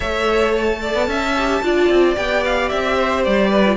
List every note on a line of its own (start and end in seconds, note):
0.00 0.94 A3
0.00 1.33 A4
0.00 0.79 C#5
0.00 0.54 E5
0.56 2.16 A5
0.81 1.08 D5
0.94 1.07 B3
1.07 1.61 C#4
1.07 1.63 E5
1.37 1.63 G4
1.62 1.89 D4
1.62 2.15 F4
1.62 2.96 D5
1.89 2.16 C4
2.15 2.70 B3
2.15 3.63 G4
2.15 2.43 G5
2.44 2.69 F5
2.69 3.26 C4
2.69 3.23 E5
2.96 3.49 C5
3.24 3.76 G3
3.24 3.76 D5
3.49 3.76 B4
3.65 3.76 F4